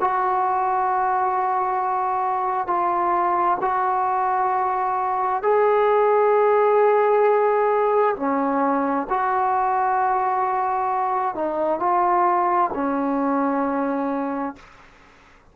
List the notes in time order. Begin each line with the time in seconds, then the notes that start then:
0.00 F#4
2.67 F4
3.61 F#4
5.43 G#4
8.16 C#4
9.10 F#4
11.35 D#4
11.80 F4
12.74 C#4